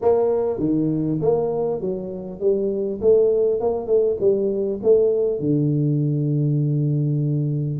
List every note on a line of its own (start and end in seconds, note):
0.01 0.59 A#3
0.59 1.19 D#3
1.21 1.80 A#3
1.80 2.40 F#3
2.40 3.00 G3
3.01 3.60 A3
3.60 3.86 A#3
3.86 4.16 A3
4.19 4.79 G3
4.82 5.39 A3
5.39 7.79 D3